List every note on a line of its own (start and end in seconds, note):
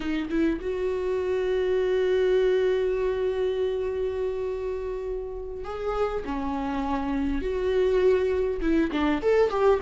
0.00 0.28 D#4
0.29 0.59 E4
0.60 5.64 F#4
5.64 6.23 G#4
6.24 7.41 C#4
7.41 8.60 F#4
8.61 8.91 E4
8.91 9.21 D4
9.21 9.49 A4
9.49 9.79 G4